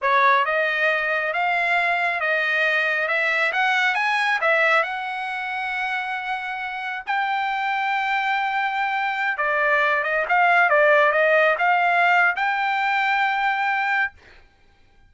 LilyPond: \new Staff \with { instrumentName = "trumpet" } { \time 4/4 \tempo 4 = 136 cis''4 dis''2 f''4~ | f''4 dis''2 e''4 | fis''4 gis''4 e''4 fis''4~ | fis''1 |
g''1~ | g''4~ g''16 d''4. dis''8 f''8.~ | f''16 d''4 dis''4 f''4.~ f''16 | g''1 | }